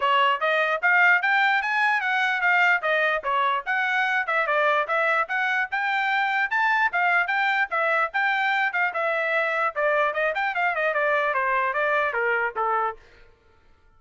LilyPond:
\new Staff \with { instrumentName = "trumpet" } { \time 4/4 \tempo 4 = 148 cis''4 dis''4 f''4 g''4 | gis''4 fis''4 f''4 dis''4 | cis''4 fis''4. e''8 d''4 | e''4 fis''4 g''2 |
a''4 f''4 g''4 e''4 | g''4. f''8 e''2 | d''4 dis''8 g''8 f''8 dis''8 d''4 | c''4 d''4 ais'4 a'4 | }